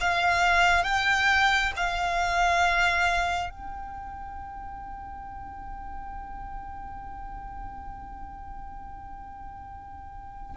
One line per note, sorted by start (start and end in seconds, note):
0.00 0.83 F5
0.83 1.71 G5
1.76 3.50 F5
3.50 10.56 G5